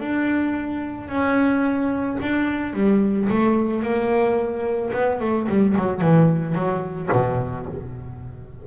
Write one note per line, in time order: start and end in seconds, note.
0.00 1.09 D4
1.09 2.18 C#4
2.22 2.74 D4
2.74 3.28 G3
3.30 3.83 A3
3.83 4.92 A#3
4.93 5.20 B3
5.21 5.48 A3
5.49 5.76 G3
5.77 6.01 F#3
6.01 6.55 E3
6.55 7.10 F#3
7.12 7.67 B2